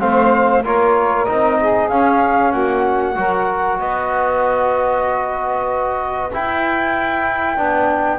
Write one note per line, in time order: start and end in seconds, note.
0.00 0.63 A3
0.00 0.63 C4
0.00 0.64 C5
0.00 0.63 F5
0.63 1.26 A#3
0.63 1.27 F4
0.63 1.59 A#4
0.63 1.25 C#5
1.25 1.90 C4
1.25 1.90 D#4
1.25 1.88 D#5
1.60 2.52 G#4
1.89 2.53 C#4
1.89 3.15 C#4
1.89 2.51 F5
2.51 3.16 A#3
2.51 3.15 F#4
2.51 3.78 F#5
3.15 3.79 F#3
3.15 6.31 F#4
3.15 3.80 A#4
3.79 6.31 B3
3.79 8.19 B4
3.79 6.32 D#5
6.33 7.57 E4
6.33 7.58 E4
6.33 8.19 G5
7.57 8.19 B3
7.57 8.19 D4